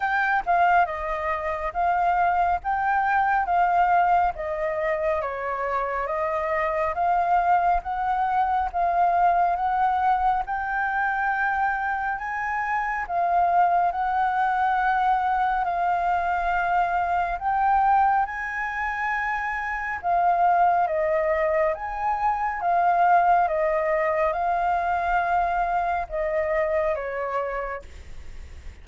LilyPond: \new Staff \with { instrumentName = "flute" } { \time 4/4 \tempo 4 = 69 g''8 f''8 dis''4 f''4 g''4 | f''4 dis''4 cis''4 dis''4 | f''4 fis''4 f''4 fis''4 | g''2 gis''4 f''4 |
fis''2 f''2 | g''4 gis''2 f''4 | dis''4 gis''4 f''4 dis''4 | f''2 dis''4 cis''4 | }